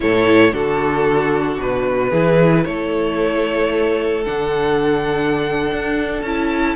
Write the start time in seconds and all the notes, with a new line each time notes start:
0.00 A2 E4 A4 C#5
0.51 D3 D4 F#4 A4
1.58 B2 B4
2.09 E3 E4 G#4
2.64 A3 A4 C#5
4.24 D3 D4 F#5
5.71 D4
6.21 C#4 E4 A5